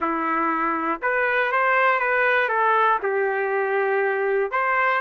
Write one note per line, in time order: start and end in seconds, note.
0.00 1.00 E4
1.02 1.52 B4
1.52 1.99 C5
1.99 2.49 B4
2.49 2.99 A4
3.02 4.51 G4
4.51 5.01 C5